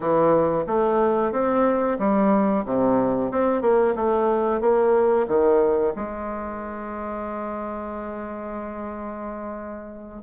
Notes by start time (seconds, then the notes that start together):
0.00 E3
0.66 A3
1.32 C4
1.98 G3
2.65 C3
3.31 C4
3.61 A#3
3.95 A3
4.60 A#3
5.27 D#3
5.95 G#3